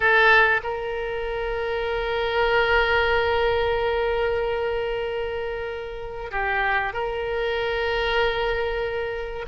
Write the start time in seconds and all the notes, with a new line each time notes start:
0.00 A4
0.63 A#4
6.31 G4
6.93 A#4